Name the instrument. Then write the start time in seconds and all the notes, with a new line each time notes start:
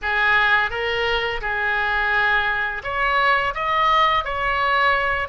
oboe
0.02 G#4
0.70 A#4
1.41 G#4
2.83 C#5
3.54 D#5
4.24 C#5